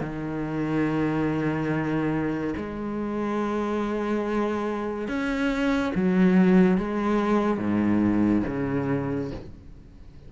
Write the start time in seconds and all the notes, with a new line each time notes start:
0.00 D#3
2.57 G#3
5.08 C#4
5.95 F#3
6.77 G#3
7.58 G#2
8.46 C#3